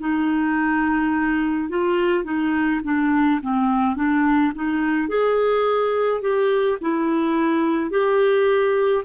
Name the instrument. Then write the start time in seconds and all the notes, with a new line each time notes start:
clarinet
0.00 D#4
1.69 F4
2.24 D#4
2.84 D4
3.42 C4
3.96 D4
4.55 D#4
5.08 G#4
6.22 G4
6.82 E4
7.91 G4